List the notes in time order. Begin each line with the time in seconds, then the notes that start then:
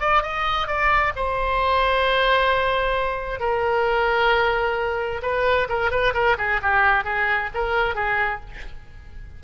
0.00 D5
0.23 D#5
0.67 D5
1.16 C5
3.39 A#4
5.22 B4
5.69 A#4
5.90 B4
6.14 A#4
6.38 G#4
6.62 G4
7.04 G#4
7.54 A#4
7.95 G#4